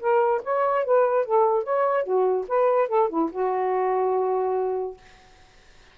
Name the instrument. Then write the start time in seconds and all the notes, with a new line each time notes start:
saxophone
0.00 A#4
0.43 C#5
0.84 B4
1.25 A4
1.63 C#5
2.04 F#4
2.48 B4
2.88 A4
3.09 E4
3.31 F#4